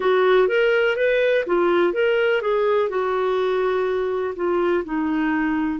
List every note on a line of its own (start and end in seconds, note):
0.00 0.48 F#4
0.48 0.96 A#4
0.96 1.44 B4
1.46 1.93 F4
1.93 2.41 A#4
2.41 2.89 G#4
2.89 4.34 F#4
4.35 4.83 F4
4.84 5.79 D#4